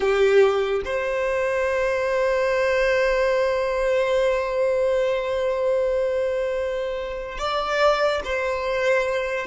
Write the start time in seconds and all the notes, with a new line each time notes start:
0.00 G4
0.84 C5
7.38 D5
8.24 C5